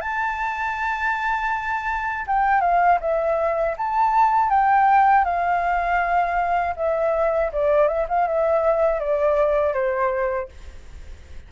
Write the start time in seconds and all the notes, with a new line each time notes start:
0.00 A5
2.27 G5
2.61 F5
3.00 E5
3.77 A5
4.50 G5
5.24 F5
6.76 E5
7.52 D5
7.87 E5
8.08 F5
8.27 E5
8.99 D5
9.73 C5